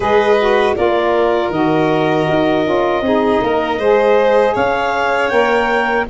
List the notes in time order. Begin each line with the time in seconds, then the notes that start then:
0.00 G#3 G#4 B4 D#5
0.39 F#4
0.75 A#3 F4 A#4 D5
1.50 D#3 F#4 D#5
2.29 D#4
2.64 C#4 F4
3.01 C4 D#4 G#4
3.41 A#3 A#4
3.78 G#3 G#4 C5
4.54 C#4 C#5 F5
5.29 A#3 A#4 G5